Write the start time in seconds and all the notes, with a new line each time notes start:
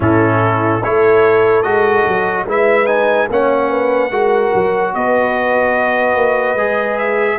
0.00 A2 C#4 E4 A4
0.82 A3 E4 A4 C#5
1.62 G#3 F#4 D#5
2.07 F#3
2.46 G#3 E4 B4 E5
2.86 D#4 G#5
3.29 A#3 C#4 C#5 F#5
3.69 B4
4.10 G#3 F#4 A#4
4.53 F#3
4.94 B3 B4 D#5
6.15 A#3
6.54 G#3 G#4
6.98 E5